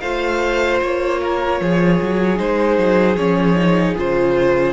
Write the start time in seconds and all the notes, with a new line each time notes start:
0.00 A3 F4 C5 F5
0.82 A#3 C#5
1.21 A#4
1.61 F3 G#4
2.01 F#3
2.36 G#3 D#4 C5
2.78 F#3
3.16 F3 C#4 C#5
3.56 D#4
3.96 C#3 F4 C5